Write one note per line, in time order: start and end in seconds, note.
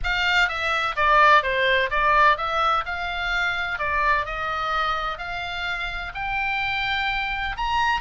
0.03 0.48 F5
0.48 0.95 E5
0.96 1.42 D5
1.42 1.89 C5
1.90 2.37 D5
2.37 2.84 E5
2.85 3.78 F5
3.78 4.25 D5
4.25 5.17 D#5
5.17 6.12 F5
6.14 7.56 G5
7.57 8.00 A#5